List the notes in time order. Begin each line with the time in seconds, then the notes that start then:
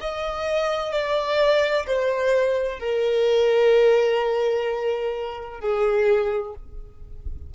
0.00 D#5
0.92 D5
1.86 C5
2.79 A#4
5.60 G#4